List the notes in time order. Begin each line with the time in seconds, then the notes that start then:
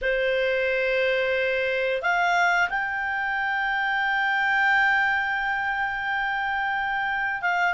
0.01 C5
2.01 F5
2.69 G5
7.41 F5